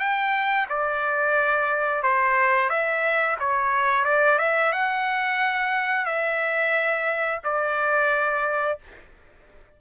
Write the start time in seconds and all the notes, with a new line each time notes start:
0.00 G5
0.70 D5
2.03 C5
2.70 E5
3.40 C#5
4.05 D5
4.39 E5
4.73 F#5
6.06 E5
7.44 D5